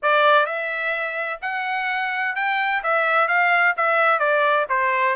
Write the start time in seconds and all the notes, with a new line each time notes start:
0.02 D5
0.45 E5
1.41 F#5
2.35 G5
2.83 E5
3.27 F5
3.76 E5
4.19 D5
4.69 C5